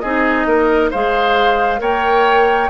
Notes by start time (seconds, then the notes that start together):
0.00 C4 D#4 G#4 D#5
0.46 A#3 A#4
0.91 G#3 G#4 C5 F5
1.79 A#3 A#4 C#5 G5